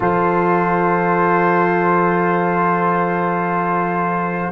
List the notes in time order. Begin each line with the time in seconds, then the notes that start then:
0.00 F3 F4 A4 C5